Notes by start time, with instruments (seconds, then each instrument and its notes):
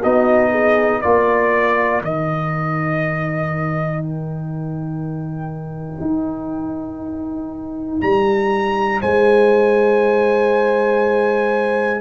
0.00 tuba B3, trombone D#4, horn F#4, trumpet D#5
0.51 horn G#4
1.01 tuba A#3, trombone F4, horn A#4, trumpet D5
2.02 tuba D#3, trombone D#4, trumpet D#5
4.03 trumpet G5
6.01 tuba D#4
8.02 tuba G3, trumpet A#5
9.01 tuba G#3, horn C5, trumpet G#5